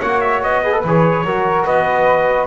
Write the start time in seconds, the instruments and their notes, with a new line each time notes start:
0.00 double bass A#3, trombone F#4, flute C#5, trumpet F#5
0.21 trumpet E5
0.42 double bass B3, trumpet D#5
0.63 trombone G#4, flute B4
0.72 trombone A4
0.84 double bass E3, trombone G#4, trumpet C#5
1.24 double bass F#3, trombone F#4, flute A#4
1.65 double bass B3, flute B4, trumpet D#5